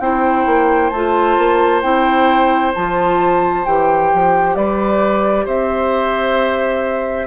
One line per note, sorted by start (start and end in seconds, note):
0.00 0.45 C4
0.00 0.92 E4
0.00 4.57 C5
0.00 0.90 G5
0.46 0.91 A#3
0.90 1.37 A3
0.90 1.82 F4
0.90 1.81 A5
1.37 1.82 A#3
1.82 2.73 C4
1.82 2.73 E4
1.82 2.73 G5
2.74 3.66 F3
2.74 3.65 F4
2.74 3.65 A5
3.65 4.12 E3
3.65 7.27 G4
3.65 4.55 G5
4.14 4.55 F3
4.55 5.46 G3
4.55 5.45 B4
4.55 5.46 D5
5.45 7.27 C4
5.45 7.27 C5
5.45 7.27 E5